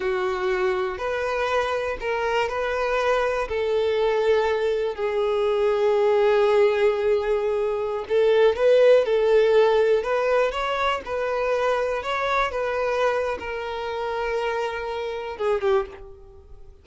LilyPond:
\new Staff \with { instrumentName = "violin" } { \time 4/4 \tempo 4 = 121 fis'2 b'2 | ais'4 b'2 a'4~ | a'2 gis'2~ | gis'1~ |
gis'16 a'4 b'4 a'4.~ a'16~ | a'16 b'4 cis''4 b'4.~ b'16~ | b'16 cis''4 b'4.~ b'16 ais'4~ | ais'2. gis'8 g'8 | }